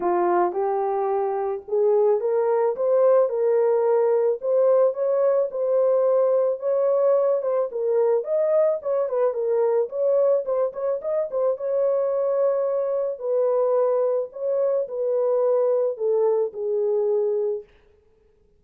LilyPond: \new Staff \with { instrumentName = "horn" } { \time 4/4 \tempo 4 = 109 f'4 g'2 gis'4 | ais'4 c''4 ais'2 | c''4 cis''4 c''2 | cis''4. c''8 ais'4 dis''4 |
cis''8 b'8 ais'4 cis''4 c''8 cis''8 | dis''8 c''8 cis''2. | b'2 cis''4 b'4~ | b'4 a'4 gis'2 | }